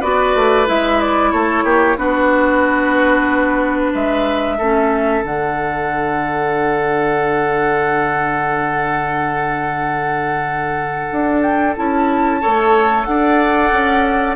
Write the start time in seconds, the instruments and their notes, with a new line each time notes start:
0.00 bassoon B3, clarinet F#4, oboe B4, flute D5
0.35 bassoon A3
0.66 bassoon G#3, clarinet E4, flute E5
1.00 flute D5
1.31 bassoon A3, oboe A4, flute C#5
1.64 bassoon A#3, oboe G4
1.96 bassoon B3, clarinet D4, oboe F#4, flute B4
3.92 bassoon G#3, oboe B4, flute E5
4.57 bassoon A3, clarinet C#4, oboe A4
5.23 bassoon D3, clarinet D4, flute F#5
11.12 bassoon D4
11.41 flute G5
11.76 bassoon C#4, clarinet E4, flute A5
12.41 bassoon A3, clarinet A4, oboe C#5
13.04 bassoon D4, flute F#5
13.10 oboe D5
13.71 bassoon C#4